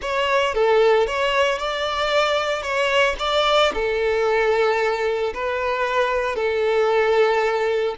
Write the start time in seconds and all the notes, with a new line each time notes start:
0.01 C#5
0.54 A4
1.06 C#5
1.58 D5
2.62 C#5
3.19 D5
3.74 A4
5.34 B4
6.35 A4